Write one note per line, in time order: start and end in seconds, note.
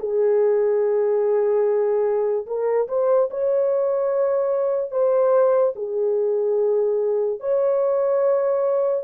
0.00 2.47 G#4
2.47 2.88 A#4
2.88 3.30 C5
3.31 4.92 C#5
4.92 5.74 C5
5.76 7.40 G#4
7.40 9.04 C#5